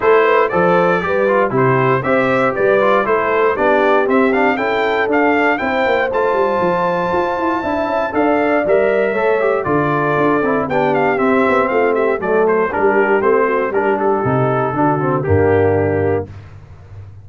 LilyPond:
<<
  \new Staff \with { instrumentName = "trumpet" } { \time 4/4 \tempo 4 = 118 c''4 d''2 c''4 | e''4 d''4 c''4 d''4 | e''8 f''8 g''4 f''4 g''4 | a''1 |
f''4 e''2 d''4~ | d''4 g''8 f''8 e''4 f''8 e''8 | d''8 c''8 ais'4 c''4 ais'8 a'8~ | a'2 g'2 | }
  \new Staff \with { instrumentName = "horn" } { \time 4/4 a'8 b'8 c''4 b'4 g'4 | c''4 b'4 a'4 g'4~ | g'4 a'2 c''4~ | c''2. e''4 |
d''2 cis''4 a'4~ | a'4 g'2 f'8 g'8 | a'4 g'4. fis'8 g'4~ | g'4 fis'4 d'2 | }
  \new Staff \with { instrumentName = "trombone" } { \time 4/4 e'4 a'4 g'8 f'8 e'4 | g'4. f'8 e'4 d'4 | c'8 d'8 e'4 d'4 e'4 | f'2. e'4 |
a'4 ais'4 a'8 g'8 f'4~ | f'8 e'8 d'4 c'2 | a4 d'4 c'4 d'4 | dis'4 d'8 c'8 ais2 | }
  \new Staff \with { instrumentName = "tuba" } { \time 4/4 a4 f4 g4 c4 | c'4 g4 a4 b4 | c'4 cis'4 d'4 c'8 ais8 | a8 g8 f4 f'8 e'8 d'8 cis'8 |
d'4 g4 a4 d4 | d'8 c'8 b4 c'8 b8 a4 | fis4 g4 a4 g4 | c4 d4 g,2 | }
>>